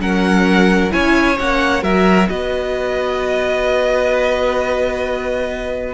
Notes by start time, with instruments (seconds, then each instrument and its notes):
0.00 cello F#3, viola C#4, violin A#4 F#5
0.91 cello C#4, viola E4, violin C#5 G#5
1.38 cello A#3, viola C#4, violin F#5
1.83 cello F#3, viola F#4, violin A#4 E5
2.30 cello B3, violin B4 D#5